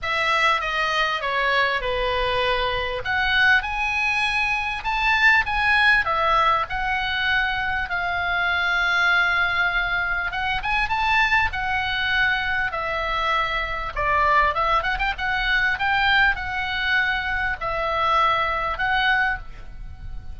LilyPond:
\new Staff \with { instrumentName = "oboe" } { \time 4/4 \tempo 4 = 99 e''4 dis''4 cis''4 b'4~ | b'4 fis''4 gis''2 | a''4 gis''4 e''4 fis''4~ | fis''4 f''2.~ |
f''4 fis''8 gis''8 a''4 fis''4~ | fis''4 e''2 d''4 | e''8 fis''16 g''16 fis''4 g''4 fis''4~ | fis''4 e''2 fis''4 | }